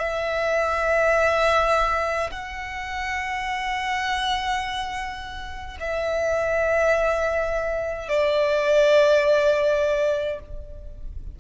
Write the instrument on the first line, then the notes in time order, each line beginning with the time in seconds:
violin
0.00 E5
2.31 F#5
5.80 E5
8.09 D5